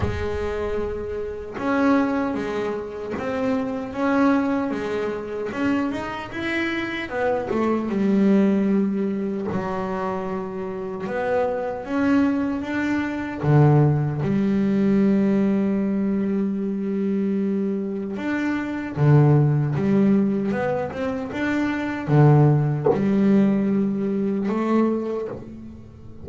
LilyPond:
\new Staff \with { instrumentName = "double bass" } { \time 4/4 \tempo 4 = 76 gis2 cis'4 gis4 | c'4 cis'4 gis4 cis'8 dis'8 | e'4 b8 a8 g2 | fis2 b4 cis'4 |
d'4 d4 g2~ | g2. d'4 | d4 g4 b8 c'8 d'4 | d4 g2 a4 | }